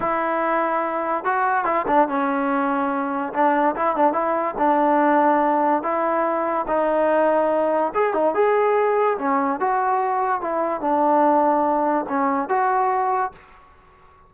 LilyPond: \new Staff \with { instrumentName = "trombone" } { \time 4/4 \tempo 4 = 144 e'2. fis'4 | e'8 d'8 cis'2. | d'4 e'8 d'8 e'4 d'4~ | d'2 e'2 |
dis'2. gis'8 dis'8 | gis'2 cis'4 fis'4~ | fis'4 e'4 d'2~ | d'4 cis'4 fis'2 | }